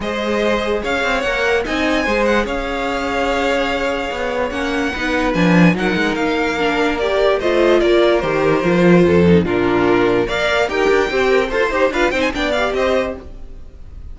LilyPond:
<<
  \new Staff \with { instrumentName = "violin" } { \time 4/4 \tempo 4 = 146 dis''2 f''4 fis''4 | gis''4. fis''8 f''2~ | f''2. fis''4~ | fis''4 gis''4 fis''4 f''4~ |
f''4 d''4 dis''4 d''4 | c''2. ais'4~ | ais'4 f''4 g''2 | c''4 f''8 g''16 gis''16 g''8 f''8 dis''4 | }
  \new Staff \with { instrumentName = "violin" } { \time 4/4 c''2 cis''2 | dis''4 c''4 cis''2~ | cis''1 | b'2 ais'2~ |
ais'2 c''4 ais'4~ | ais'2 a'4 f'4~ | f'4 d''4 ais'4 g'4 | c''4 b'8 c''8 d''4 c''4 | }
  \new Staff \with { instrumentName = "viola" } { \time 4/4 gis'2. ais'4 | dis'4 gis'2.~ | gis'2. cis'4 | dis'4 d'4 dis'2 |
d'4 g'4 f'2 | g'4 f'4. dis'8 d'4~ | d'4 ais'4 g'4 c''8 ais'8 | a'8 g'8 f'8 dis'8 d'8 g'4. | }
  \new Staff \with { instrumentName = "cello" } { \time 4/4 gis2 cis'8 c'8 ais4 | c'4 gis4 cis'2~ | cis'2 b4 ais4 | b4 f4 fis8 gis8 ais4~ |
ais2 a4 ais4 | dis4 f4 f,4 ais,4~ | ais,4 ais4 dis'8 d'8 c'4 | f'8 dis'8 d'8 c'8 b4 c'4 | }
>>